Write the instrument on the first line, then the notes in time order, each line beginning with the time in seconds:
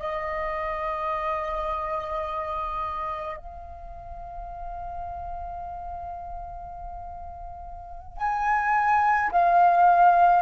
flute
0.00 D#5
3.38 F5
8.18 G#5
9.32 F5